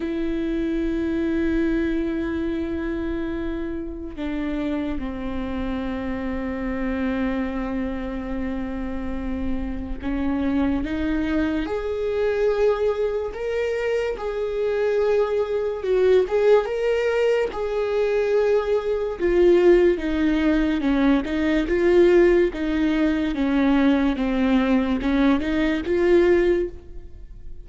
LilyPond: \new Staff \with { instrumentName = "viola" } { \time 4/4 \tempo 4 = 72 e'1~ | e'4 d'4 c'2~ | c'1 | cis'4 dis'4 gis'2 |
ais'4 gis'2 fis'8 gis'8 | ais'4 gis'2 f'4 | dis'4 cis'8 dis'8 f'4 dis'4 | cis'4 c'4 cis'8 dis'8 f'4 | }